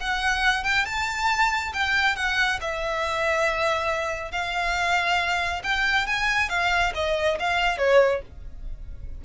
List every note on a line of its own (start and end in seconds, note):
0.00 0.64 F#5
0.64 0.86 G5
0.86 1.73 A5
1.74 2.16 G5
2.16 2.59 F#5
2.61 4.32 E5
4.32 5.62 F5
5.63 6.07 G5
6.07 6.49 G#5
6.49 6.93 F5
6.95 7.38 D#5
7.40 7.78 F5
7.78 8.21 C#5